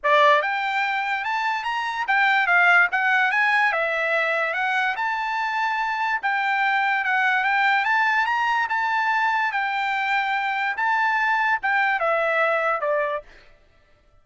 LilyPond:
\new Staff \with { instrumentName = "trumpet" } { \time 4/4 \tempo 4 = 145 d''4 g''2 a''4 | ais''4 g''4 f''4 fis''4 | gis''4 e''2 fis''4 | a''2. g''4~ |
g''4 fis''4 g''4 a''4 | ais''4 a''2 g''4~ | g''2 a''2 | g''4 e''2 d''4 | }